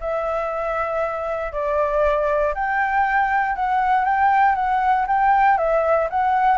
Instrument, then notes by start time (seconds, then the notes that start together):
flute
0.00 E5
1.52 D5
2.54 G5
3.55 F#5
4.05 G5
4.55 F#5
5.07 G5
5.57 E5
6.10 F#5